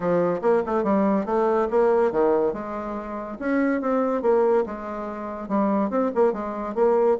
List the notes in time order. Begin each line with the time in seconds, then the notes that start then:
0.00 F3
0.41 A#3
0.65 A3
0.83 G3
1.25 A3
1.70 A#3
2.11 D#3
2.53 G#3
3.39 C#4
3.81 C4
4.22 A#3
4.66 G#3
5.48 G3
5.89 C4
6.14 A#3
6.32 G#3
6.75 A#3